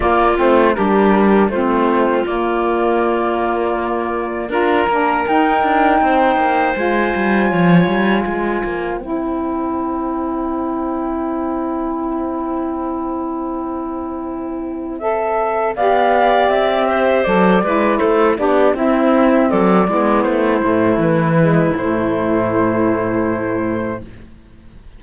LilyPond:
<<
  \new Staff \with { instrumentName = "flute" } { \time 4/4 \tempo 4 = 80 d''8 c''8 ais'4 c''4 d''4~ | d''2 ais''4 g''4~ | g''4 gis''2. | g''1~ |
g''1 | e''4 f''4 e''4 d''4 | c''8 d''8 e''4 d''4 c''4 | b'4 c''2. | }
  \new Staff \with { instrumentName = "clarinet" } { \time 4/4 f'4 g'4 f'2~ | f'2 ais'2 | c''2 cis''4 c''4~ | c''1~ |
c''1~ | c''4 d''4. c''4 b'8 | a'8 g'8 e'4 a'8 e'4.~ | e'1 | }
  \new Staff \with { instrumentName = "saxophone" } { \time 4/4 ais8 c'8 d'4 c'4 ais4~ | ais2 f'8 d'8 dis'4~ | dis'4 f'2. | e'1~ |
e'1 | a'4 g'2 a'8 e'8~ | e'8 d'8 c'4. b4 a8~ | a8 gis8 a2. | }
  \new Staff \with { instrumentName = "cello" } { \time 4/4 ais8 a8 g4 a4 ais4~ | ais2 d'8 ais8 dis'8 d'8 | c'8 ais8 gis8 g8 f8 g8 gis8 ais8 | c'1~ |
c'1~ | c'4 b4 c'4 fis8 gis8 | a8 b8 c'4 fis8 gis8 a8 a,8 | e4 a,2. | }
>>